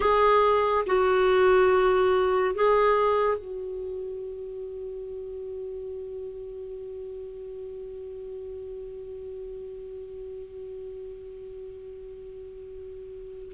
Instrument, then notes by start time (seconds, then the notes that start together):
clarinet
0.00 G#4
0.86 F#4
2.54 G#4
3.38 F#4